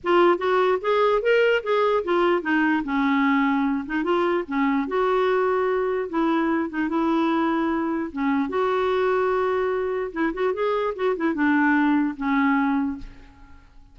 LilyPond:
\new Staff \with { instrumentName = "clarinet" } { \time 4/4 \tempo 4 = 148 f'4 fis'4 gis'4 ais'4 | gis'4 f'4 dis'4 cis'4~ | cis'4. dis'8 f'4 cis'4 | fis'2. e'4~ |
e'8 dis'8 e'2. | cis'4 fis'2.~ | fis'4 e'8 fis'8 gis'4 fis'8 e'8 | d'2 cis'2 | }